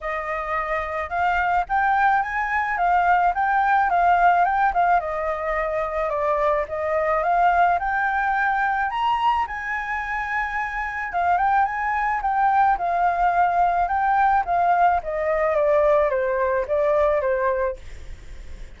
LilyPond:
\new Staff \with { instrumentName = "flute" } { \time 4/4 \tempo 4 = 108 dis''2 f''4 g''4 | gis''4 f''4 g''4 f''4 | g''8 f''8 dis''2 d''4 | dis''4 f''4 g''2 |
ais''4 gis''2. | f''8 g''8 gis''4 g''4 f''4~ | f''4 g''4 f''4 dis''4 | d''4 c''4 d''4 c''4 | }